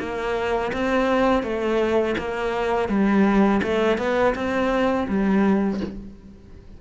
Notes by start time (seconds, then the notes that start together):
0.00 A#3
0.73 C4
1.43 A3
2.19 A#3
2.89 G3
3.63 A3
3.98 B3
4.35 C4
5.08 G3